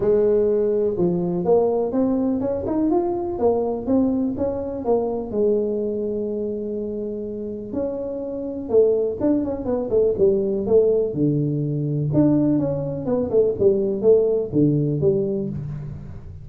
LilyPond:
\new Staff \with { instrumentName = "tuba" } { \time 4/4 \tempo 4 = 124 gis2 f4 ais4 | c'4 cis'8 dis'8 f'4 ais4 | c'4 cis'4 ais4 gis4~ | gis1 |
cis'2 a4 d'8 cis'8 | b8 a8 g4 a4 d4~ | d4 d'4 cis'4 b8 a8 | g4 a4 d4 g4 | }